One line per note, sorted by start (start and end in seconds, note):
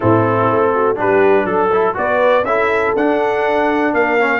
0.00 0.50 A2
0.00 0.95 C4
0.00 0.72 E4
0.00 0.96 A4
0.50 0.96 A3
0.74 0.96 F#4
0.95 1.44 G3
0.95 1.69 D4
0.95 1.45 G4
0.95 1.46 B4
1.44 1.94 F#3
1.44 1.95 A4
1.72 1.94 E4
1.94 2.43 B3
1.94 2.43 F#4
1.94 2.46 B4
1.94 2.45 D5
2.43 2.92 C#4
2.43 2.96 E4
2.43 3.93 A4
2.43 2.94 E5
2.96 3.93 D4
2.96 4.19 D4
2.96 3.94 F#5
3.93 4.39 A#3
3.93 4.39 A#4
3.93 4.39 F5
4.19 4.39 C#4